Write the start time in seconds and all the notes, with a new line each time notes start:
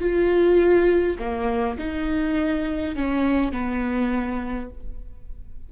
0.00 F4
1.19 A#3
1.78 D#4
2.96 C#4
3.52 B3